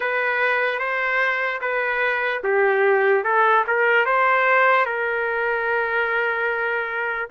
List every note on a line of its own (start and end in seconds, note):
0.00 0.79 B4
0.79 1.60 C5
1.61 2.42 B4
2.43 3.24 G4
3.24 3.64 A4
3.67 4.05 A#4
4.05 4.85 C5
4.85 7.29 A#4